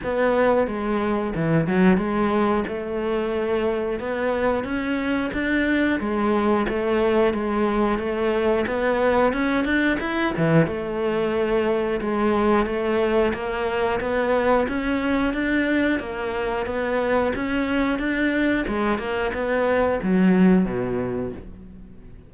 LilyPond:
\new Staff \with { instrumentName = "cello" } { \time 4/4 \tempo 4 = 90 b4 gis4 e8 fis8 gis4 | a2 b4 cis'4 | d'4 gis4 a4 gis4 | a4 b4 cis'8 d'8 e'8 e8 |
a2 gis4 a4 | ais4 b4 cis'4 d'4 | ais4 b4 cis'4 d'4 | gis8 ais8 b4 fis4 b,4 | }